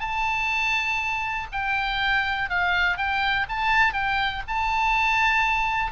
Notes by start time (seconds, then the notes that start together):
0.00 A5
1.52 G5
2.50 F5
2.97 G5
3.49 A5
3.93 G5
4.48 A5